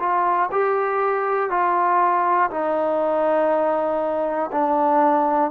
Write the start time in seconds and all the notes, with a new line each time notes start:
0.00 F4
0.52 G4
1.50 F4
2.51 D#4
4.52 D4